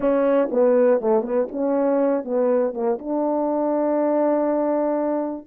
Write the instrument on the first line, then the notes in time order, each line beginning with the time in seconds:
horn
0.00 C#4
0.51 B3
1.00 A3
1.22 B3
1.51 C#4
2.24 B3
2.73 A#3
2.98 D4